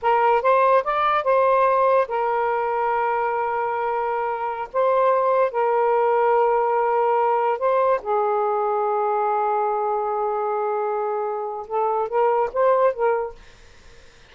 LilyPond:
\new Staff \with { instrumentName = "saxophone" } { \time 4/4 \tempo 4 = 144 ais'4 c''4 d''4 c''4~ | c''4 ais'2.~ | ais'2.~ ais'16 c''8.~ | c''4~ c''16 ais'2~ ais'8.~ |
ais'2~ ais'16 c''4 gis'8.~ | gis'1~ | gis'1 | a'4 ais'4 c''4 ais'4 | }